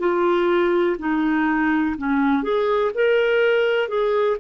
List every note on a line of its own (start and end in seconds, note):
0.00 0.97 F4
0.99 1.96 D#4
1.98 2.43 C#4
2.43 2.92 G#4
2.95 3.89 A#4
3.89 4.37 G#4